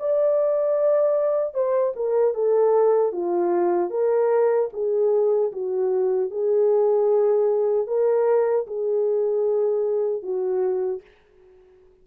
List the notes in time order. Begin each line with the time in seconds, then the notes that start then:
0.00 D5
1.55 C5
1.96 A#4
2.35 A4
3.13 F4
3.91 A#4
4.73 G#4
5.53 F#4
6.31 G#4
7.88 A#4
8.67 G#4
10.23 F#4